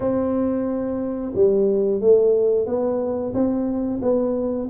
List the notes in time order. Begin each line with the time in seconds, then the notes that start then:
0.00 C4
1.34 G3
2.01 A3
2.66 B3
3.33 C4
4.02 B3